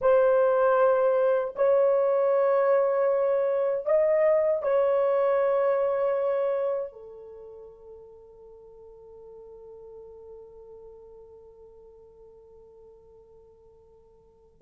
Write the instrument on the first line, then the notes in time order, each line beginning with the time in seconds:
horn
0.01 C5
1.55 C#5
3.85 D#5
4.62 C#5
6.92 A4